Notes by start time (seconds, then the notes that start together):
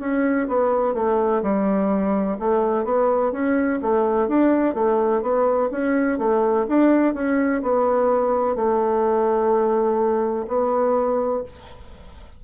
0.00 C#4
0.48 B3
0.95 A3
1.42 G3
2.39 A3
2.85 B3
3.32 C#4
3.83 A3
4.28 D4
4.75 A3
5.23 B3
5.72 C#4
6.19 A3
6.69 D4
7.14 C#4
7.63 B3
8.56 A3
10.48 B3